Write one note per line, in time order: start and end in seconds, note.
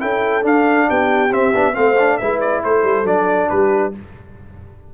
0.00 0.45 C#4
0.00 0.42 E4
0.00 0.88 A4
0.00 0.44 G5
0.42 1.29 D4
0.42 0.88 D4
0.42 0.90 F5
0.89 1.31 B3
0.89 1.74 G4
0.89 1.33 G5
1.31 1.53 C4
1.31 1.54 C4
1.31 1.75 E5
1.54 1.76 B3
1.54 1.74 D4
1.74 2.20 A3
1.74 1.95 C4
1.74 2.17 C5
1.74 2.17 F5
1.99 2.21 D4
2.17 2.64 G#3
2.17 3.05 E4
2.17 2.62 B4
2.17 2.39 E5
2.40 2.62 D5
2.63 2.84 A3
2.63 3.50 A4
2.63 3.07 C5
2.84 3.04 G3
3.04 3.47 F#3
3.04 3.92 D4
3.04 3.49 D5
3.49 3.94 G3
3.49 3.93 G4
3.49 3.93 B4